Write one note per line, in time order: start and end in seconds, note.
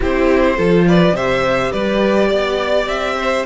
0.00 0.58 C4
0.00 0.57 E4
0.00 0.56 G4
0.00 0.87 C5
0.56 1.12 F3
0.56 1.14 F4
0.56 0.85 A4
0.87 1.15 B4
0.87 1.16 D5
1.12 1.70 C3
1.12 3.46 G4
1.12 1.72 C5
1.12 1.72 E5
1.72 2.31 G3
1.72 2.28 B4
1.72 2.87 D5
2.28 2.86 B3
2.28 3.15 D5
2.86 3.44 C4
2.86 3.45 E5
3.17 3.46 C5